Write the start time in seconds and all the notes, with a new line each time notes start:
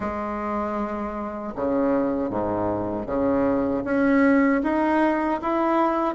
0.00 G#3
1.55 C#3
2.29 G#2
3.06 C#3
3.84 C#4
4.63 D#4
5.42 E4